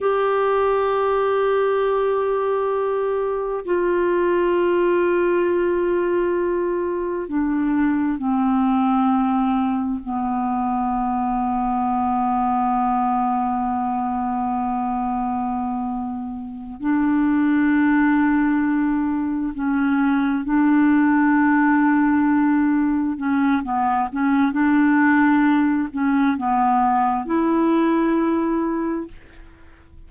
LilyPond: \new Staff \with { instrumentName = "clarinet" } { \time 4/4 \tempo 4 = 66 g'1 | f'1 | d'4 c'2 b4~ | b1~ |
b2~ b8 d'4.~ | d'4. cis'4 d'4.~ | d'4. cis'8 b8 cis'8 d'4~ | d'8 cis'8 b4 e'2 | }